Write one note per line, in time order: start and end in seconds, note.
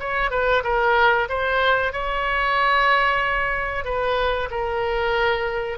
0.00 0.31 C#5
0.31 0.63 B4
0.64 1.28 A#4
1.29 1.93 C5
1.93 3.85 C#5
3.85 4.49 B4
4.51 5.78 A#4